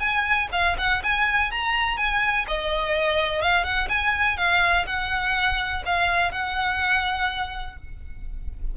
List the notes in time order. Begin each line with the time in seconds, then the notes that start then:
0.00 G#5
0.53 F5
0.79 F#5
1.04 G#5
1.52 A#5
1.98 G#5
2.48 D#5
3.42 F5
3.64 F#5
3.89 G#5
4.38 F5
4.87 F#5
5.86 F5
6.32 F#5